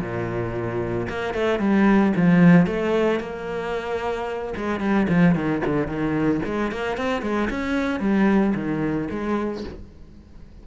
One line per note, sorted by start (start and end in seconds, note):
0.00 1.07 A#2
1.09 1.34 A#3
1.34 1.59 A3
1.59 2.12 G3
2.16 2.66 F3
2.66 3.19 A3
3.19 4.53 A#3
4.56 4.79 G#3
4.79 5.06 G3
5.08 5.35 F3
5.35 5.62 D#3
5.65 5.87 D3
5.87 6.40 D#3
6.45 6.71 G#3
6.71 6.97 A#3
6.97 7.22 C4
7.22 7.48 G#3
7.50 7.99 C#4
7.99 8.53 G3
8.54 9.08 D#3
9.10 9.64 G#3